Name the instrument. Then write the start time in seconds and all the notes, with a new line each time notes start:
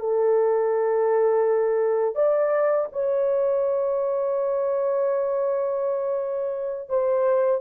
horn
0.00 A4
2.16 D5
2.93 C#5
6.89 C5